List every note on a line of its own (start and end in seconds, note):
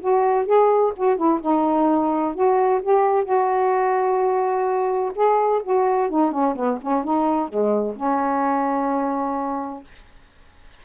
0.00 0.46 F#4
0.46 0.92 G#4
0.96 1.16 F#4
1.16 1.40 E4
1.41 2.34 D#4
2.34 2.81 F#4
2.82 3.24 G4
3.24 5.12 F#4
5.15 5.62 G#4
5.63 6.09 F#4
6.09 6.31 D#4
6.31 6.55 C#4
6.55 6.79 B3
6.81 7.04 C#4
7.04 7.48 D#4
7.48 7.95 G#3
7.96 9.83 C#4